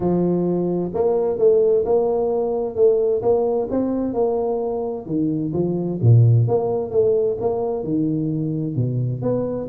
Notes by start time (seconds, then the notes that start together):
0.00 F3
0.94 A#3
1.38 A3
1.85 A#3
2.75 A3
3.22 A#3
3.70 C4
4.13 A#3
5.06 D#3
5.53 F3
6.01 A#2
6.47 A#3
6.90 A3
7.40 A#3
7.83 D#3
8.75 B2
9.22 B3